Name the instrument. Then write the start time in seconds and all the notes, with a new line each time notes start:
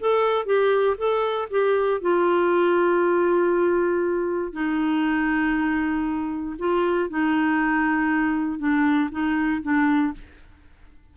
clarinet
0.00 A4
0.45 G4
0.97 A4
1.50 G4
2.01 F4
4.53 D#4
6.58 F4
7.09 D#4
8.58 D4
9.11 D#4
9.62 D4